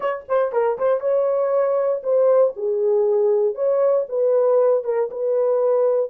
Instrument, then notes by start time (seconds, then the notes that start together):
horn
0.00 C#5
0.28 C5
0.52 A#4
0.78 C5
1.00 C#5
2.03 C5
2.56 G#4
3.54 C#5
4.09 B4
4.84 A#4
5.11 B4